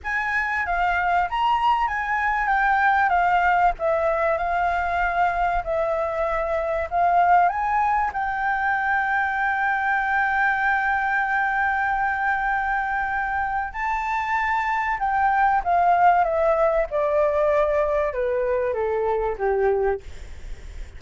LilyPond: \new Staff \with { instrumentName = "flute" } { \time 4/4 \tempo 4 = 96 gis''4 f''4 ais''4 gis''4 | g''4 f''4 e''4 f''4~ | f''4 e''2 f''4 | gis''4 g''2.~ |
g''1~ | g''2 a''2 | g''4 f''4 e''4 d''4~ | d''4 b'4 a'4 g'4 | }